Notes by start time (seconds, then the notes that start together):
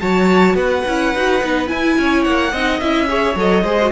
0.00 F#3 F#4 C#5 A5
0.55 B3 B4 F#5
0.88 C#4 E4
1.15 D#4 F#4
1.41 B3 D#4
1.67 E4 G#5
1.98 C#4 C#5
2.24 A#3 F#5
2.52 C4 D#4 D#5
2.80 C#4 E4 E5
3.08 G#4 C#5
3.36 F#3 A4 D#5
3.63 G#3 G#4 C5
3.81 F#4